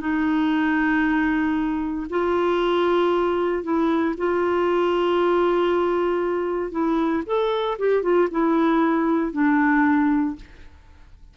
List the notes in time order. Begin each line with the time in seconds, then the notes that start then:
0.00 D#4
2.10 F4
3.63 E4
4.17 F4
6.71 E4
7.26 A4
7.78 G4
8.02 F4
8.31 E4
9.32 D4